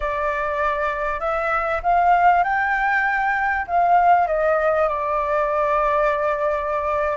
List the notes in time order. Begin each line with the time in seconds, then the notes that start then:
0.00 D5
1.20 E5
1.82 F5
2.43 G5
3.67 F5
4.27 D#5
4.88 D5